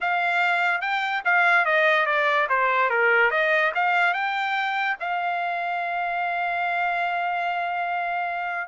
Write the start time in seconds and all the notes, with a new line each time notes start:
0.00 F5
0.81 G5
1.24 F5
1.65 D#5
2.06 D5
2.49 C5
2.89 A#4
3.30 D#5
3.74 F5
4.13 G5
5.00 F5